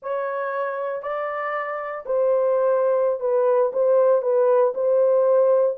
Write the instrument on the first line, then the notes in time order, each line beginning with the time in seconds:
horn
0.02 C#5
1.02 D5
2.05 C5
3.20 B4
3.72 C5
4.22 B4
4.74 C5